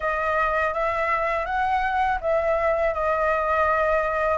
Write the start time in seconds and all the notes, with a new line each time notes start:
0.00 D#5
0.73 E5
1.45 F#5
2.20 E5
2.94 D#5